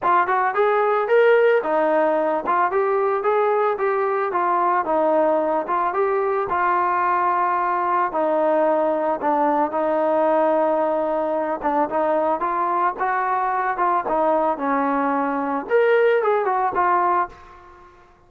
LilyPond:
\new Staff \with { instrumentName = "trombone" } { \time 4/4 \tempo 4 = 111 f'8 fis'8 gis'4 ais'4 dis'4~ | dis'8 f'8 g'4 gis'4 g'4 | f'4 dis'4. f'8 g'4 | f'2. dis'4~ |
dis'4 d'4 dis'2~ | dis'4. d'8 dis'4 f'4 | fis'4. f'8 dis'4 cis'4~ | cis'4 ais'4 gis'8 fis'8 f'4 | }